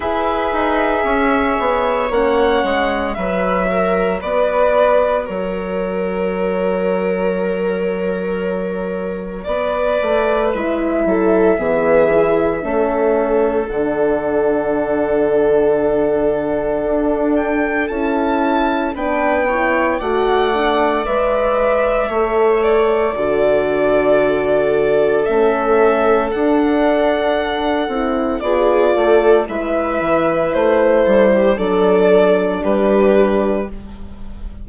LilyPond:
<<
  \new Staff \with { instrumentName = "violin" } { \time 4/4 \tempo 4 = 57 e''2 fis''4 e''4 | d''4 cis''2.~ | cis''4 d''4 e''2~ | e''4 fis''2.~ |
fis''8 g''8 a''4 g''4 fis''4 | e''4. d''2~ d''8 | e''4 fis''2 d''4 | e''4 c''4 d''4 b'4 | }
  \new Staff \with { instrumentName = "viola" } { \time 4/4 b'4 cis''2 b'8 ais'8 | b'4 ais'2.~ | ais'4 b'4. a'8 gis'4 | a'1~ |
a'2 b'8 cis''8 d''4~ | d''4 cis''4 a'2~ | a'2. gis'8 a'8 | b'4. a'16 g'16 a'4 g'4 | }
  \new Staff \with { instrumentName = "horn" } { \time 4/4 gis'2 cis'4 fis'4~ | fis'1~ | fis'2 e'4 b8 e'8 | cis'4 d'2.~ |
d'4 e'4 d'8 e'8 fis'8 d'8 | b'4 a'4 fis'2 | cis'4 d'4. e'8 f'4 | e'2 d'2 | }
  \new Staff \with { instrumentName = "bassoon" } { \time 4/4 e'8 dis'8 cis'8 b8 ais8 gis8 fis4 | b4 fis2.~ | fis4 b8 a8 gis8 fis8 e4 | a4 d2. |
d'4 cis'4 b4 a4 | gis4 a4 d2 | a4 d'4. c'8 b8 a8 | gis8 e8 a8 g8 fis4 g4 | }
>>